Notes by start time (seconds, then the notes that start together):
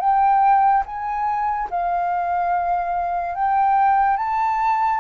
0.00 G5
0.86 G#5
1.70 F5
3.35 G5
4.17 A5